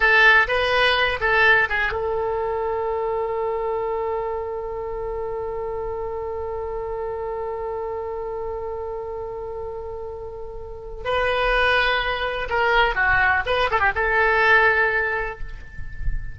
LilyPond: \new Staff \with { instrumentName = "oboe" } { \time 4/4 \tempo 4 = 125 a'4 b'4. a'4 gis'8 | a'1~ | a'1~ | a'1~ |
a'1~ | a'2. b'4~ | b'2 ais'4 fis'4 | b'8 a'16 g'16 a'2. | }